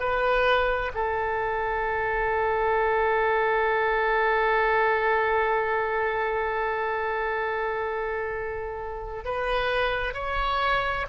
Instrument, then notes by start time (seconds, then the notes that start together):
oboe
0.00 B4
0.94 A4
9.25 B4
10.14 C#5